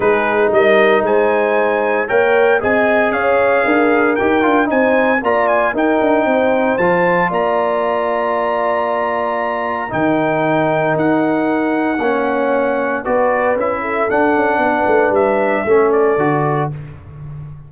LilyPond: <<
  \new Staff \with { instrumentName = "trumpet" } { \time 4/4 \tempo 4 = 115 b'4 dis''4 gis''2 | g''4 gis''4 f''2 | g''4 gis''4 ais''8 gis''8 g''4~ | g''4 a''4 ais''2~ |
ais''2. g''4~ | g''4 fis''2.~ | fis''4 d''4 e''4 fis''4~ | fis''4 e''4. d''4. | }
  \new Staff \with { instrumentName = "horn" } { \time 4/4 gis'4 ais'4 c''2 | cis''4 dis''4 cis''4 ais'4~ | ais'4 c''4 d''4 ais'4 | c''2 d''2~ |
d''2. ais'4~ | ais'2. cis''4~ | cis''4 b'4. a'4. | b'2 a'2 | }
  \new Staff \with { instrumentName = "trombone" } { \time 4/4 dis'1 | ais'4 gis'2. | g'8 f'8 dis'4 f'4 dis'4~ | dis'4 f'2.~ |
f'2. dis'4~ | dis'2. cis'4~ | cis'4 fis'4 e'4 d'4~ | d'2 cis'4 fis'4 | }
  \new Staff \with { instrumentName = "tuba" } { \time 4/4 gis4 g4 gis2 | ais4 c'4 cis'4 d'4 | dis'8 d'8 c'4 ais4 dis'8 d'8 | c'4 f4 ais2~ |
ais2. dis4~ | dis4 dis'2 ais4~ | ais4 b4 cis'4 d'8 cis'8 | b8 a8 g4 a4 d4 | }
>>